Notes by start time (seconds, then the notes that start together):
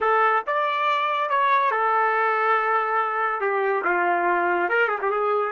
0.01 A4
0.47 D5
1.29 C#5
1.71 A4
3.40 G4
3.84 F4
4.69 A#4
4.87 G#4
5.01 G4
5.10 G#4